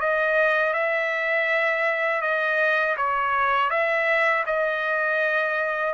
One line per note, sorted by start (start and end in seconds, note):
0.00 0.73 D#5
0.73 2.21 E5
2.21 2.95 D#5
2.97 3.70 C#5
3.70 4.44 E5
4.46 5.94 D#5